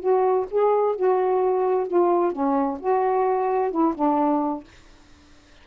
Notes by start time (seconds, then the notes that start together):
0.00 F#4
0.51 G#4
0.96 F#4
1.88 F4
2.32 C#4
2.80 F#4
3.71 E4
3.95 D4